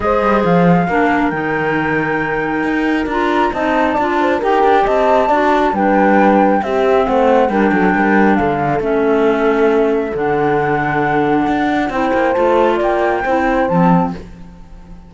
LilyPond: <<
  \new Staff \with { instrumentName = "flute" } { \time 4/4 \tempo 4 = 136 dis''4 f''2 g''4~ | g''2. ais''4 | a''2 g''4 a''4~ | a''4 g''2 e''4 |
fis''4 g''2 f''4 | e''2. fis''4~ | fis''2. g''4 | a''4 g''2 a''4 | }
  \new Staff \with { instrumentName = "horn" } { \time 4/4 c''2 ais'2~ | ais'1 | dis''4 d''8 c''8 ais'4 dis''4 | d''4 b'2 g'4 |
c''4 ais'8 a'8 ais'4 a'4~ | a'1~ | a'2. c''4~ | c''4 d''4 c''2 | }
  \new Staff \with { instrumentName = "clarinet" } { \time 4/4 gis'2 d'4 dis'4~ | dis'2. f'4 | dis'4 f'4 g'2 | fis'4 d'2 c'4~ |
c'4 d'2. | cis'2. d'4~ | d'2. e'4 | f'2 e'4 c'4 | }
  \new Staff \with { instrumentName = "cello" } { \time 4/4 gis8 g8 f4 ais4 dis4~ | dis2 dis'4 d'4 | c'4 d'4 dis'8 d'8 c'4 | d'4 g2 c'4 |
a4 g8 fis8 g4 d4 | a2. d4~ | d2 d'4 c'8 ais8 | a4 ais4 c'4 f4 | }
>>